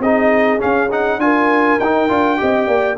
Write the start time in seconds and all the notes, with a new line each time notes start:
0.00 C4 D#4 G#4 D#5
0.59 C#4 F5
0.91 D#4 F#5
1.18 D4 F4 A#4 G#5
1.80 D#4 G5
2.09 D4 F4
2.37 C4 G4 D#5
2.68 A#3 D5